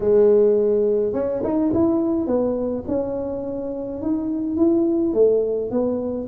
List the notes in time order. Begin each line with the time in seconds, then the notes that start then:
0.00 G#3
1.13 C#4
1.43 D#4
1.73 E4
2.26 B3
2.87 C#4
4.01 D#4
4.56 E4
5.13 A3
5.70 B3